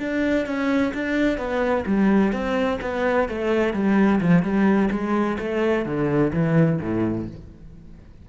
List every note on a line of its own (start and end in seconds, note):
0.00 0.46 D4
0.46 0.93 C#4
0.94 1.38 D4
1.38 1.85 B3
1.87 2.33 G3
2.33 2.80 C4
2.82 3.29 B3
3.29 3.74 A3
3.74 4.21 G3
4.21 4.43 F3
4.43 4.90 G3
4.92 5.38 G#3
5.39 5.86 A3
5.86 6.33 D3
6.33 6.80 E3
6.81 7.28 A2